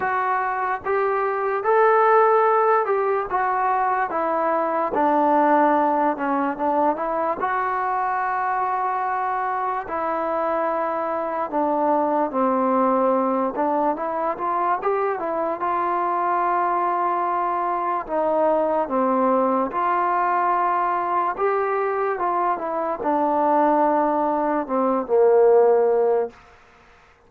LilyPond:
\new Staff \with { instrumentName = "trombone" } { \time 4/4 \tempo 4 = 73 fis'4 g'4 a'4. g'8 | fis'4 e'4 d'4. cis'8 | d'8 e'8 fis'2. | e'2 d'4 c'4~ |
c'8 d'8 e'8 f'8 g'8 e'8 f'4~ | f'2 dis'4 c'4 | f'2 g'4 f'8 e'8 | d'2 c'8 ais4. | }